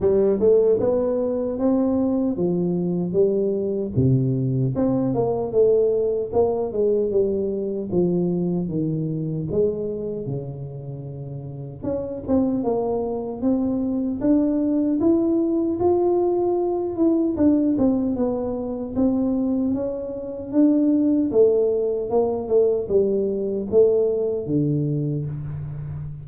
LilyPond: \new Staff \with { instrumentName = "tuba" } { \time 4/4 \tempo 4 = 76 g8 a8 b4 c'4 f4 | g4 c4 c'8 ais8 a4 | ais8 gis8 g4 f4 dis4 | gis4 cis2 cis'8 c'8 |
ais4 c'4 d'4 e'4 | f'4. e'8 d'8 c'8 b4 | c'4 cis'4 d'4 a4 | ais8 a8 g4 a4 d4 | }